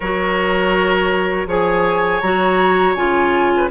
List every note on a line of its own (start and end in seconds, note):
0.00 1.46 F#3
0.00 1.47 F#4
0.00 1.47 A#4
0.00 1.48 C#5
1.46 2.20 F3
1.46 2.21 G#4
1.46 3.52 C#5
1.46 2.20 G#5
2.20 2.95 F#3
2.20 2.96 F#4
2.20 2.94 A#5
2.95 3.69 C#3
2.95 3.70 F4
2.95 3.69 G#5
3.56 3.70 B4